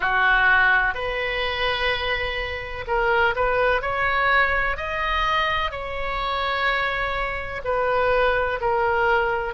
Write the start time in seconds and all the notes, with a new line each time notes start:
0.00 F#4
0.94 B4
2.87 A#4
3.35 B4
3.81 C#5
4.76 D#5
5.71 C#5
7.64 B4
8.61 A#4